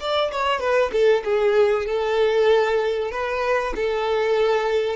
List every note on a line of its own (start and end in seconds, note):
0.00 0.31 D5
0.32 0.60 C#5
0.60 0.91 B4
0.93 1.24 A4
1.25 1.86 G#4
1.86 3.11 A4
3.11 3.74 B4
3.76 4.97 A4